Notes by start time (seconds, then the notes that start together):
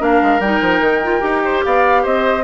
0.00 A#3 D4 A#4 F5
0.23 G#3
0.40 G3 D#4 G5
0.61 F3
0.81 D#3
1.04 F4
1.20 D#4 G4
1.45 C5
1.65 B3 D5 F5
2.03 C4 C5 D#5